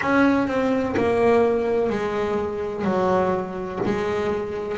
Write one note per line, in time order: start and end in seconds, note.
0.01 0.47 C#4
0.47 0.95 C4
0.97 1.89 A#3
1.89 2.84 G#3
2.84 3.79 F#3
3.85 4.77 G#3